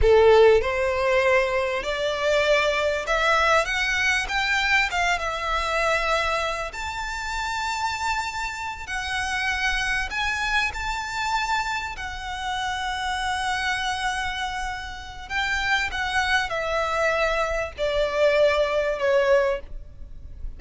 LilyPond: \new Staff \with { instrumentName = "violin" } { \time 4/4 \tempo 4 = 98 a'4 c''2 d''4~ | d''4 e''4 fis''4 g''4 | f''8 e''2~ e''8 a''4~ | a''2~ a''8 fis''4.~ |
fis''8 gis''4 a''2 fis''8~ | fis''1~ | fis''4 g''4 fis''4 e''4~ | e''4 d''2 cis''4 | }